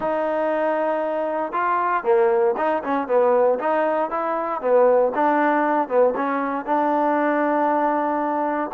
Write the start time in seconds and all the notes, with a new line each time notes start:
0.00 D#4
1.52 F4
2.03 A#3
2.57 D#4
2.83 C#4
3.07 B3
3.59 D#4
4.10 E4
4.61 B3
5.14 D4
5.88 B3
6.15 C#4
6.65 D4